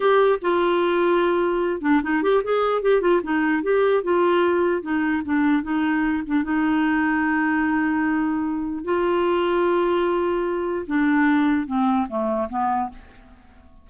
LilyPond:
\new Staff \with { instrumentName = "clarinet" } { \time 4/4 \tempo 4 = 149 g'4 f'2.~ | f'8 d'8 dis'8 g'8 gis'4 g'8 f'8 | dis'4 g'4 f'2 | dis'4 d'4 dis'4. d'8 |
dis'1~ | dis'2 f'2~ | f'2. d'4~ | d'4 c'4 a4 b4 | }